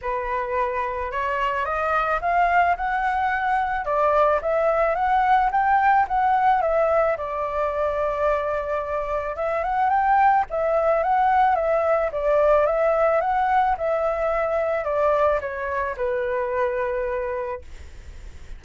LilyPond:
\new Staff \with { instrumentName = "flute" } { \time 4/4 \tempo 4 = 109 b'2 cis''4 dis''4 | f''4 fis''2 d''4 | e''4 fis''4 g''4 fis''4 | e''4 d''2.~ |
d''4 e''8 fis''8 g''4 e''4 | fis''4 e''4 d''4 e''4 | fis''4 e''2 d''4 | cis''4 b'2. | }